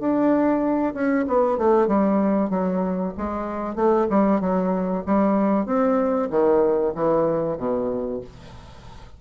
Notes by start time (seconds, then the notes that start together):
0.00 D4
0.94 C#4
1.28 B3
1.58 A3
1.88 G3
2.50 F#3
3.18 G#3
3.76 A3
4.10 G3
4.41 F#3
5.06 G3
5.66 C4
6.31 D#3
6.95 E3
7.58 B2